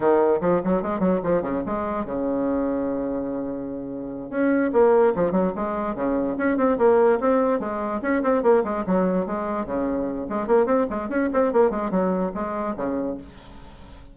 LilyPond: \new Staff \with { instrumentName = "bassoon" } { \time 4/4 \tempo 4 = 146 dis4 f8 fis8 gis8 fis8 f8 cis8 | gis4 cis2.~ | cis2~ cis8 cis'4 ais8~ | ais8 f8 fis8 gis4 cis4 cis'8 |
c'8 ais4 c'4 gis4 cis'8 | c'8 ais8 gis8 fis4 gis4 cis8~ | cis4 gis8 ais8 c'8 gis8 cis'8 c'8 | ais8 gis8 fis4 gis4 cis4 | }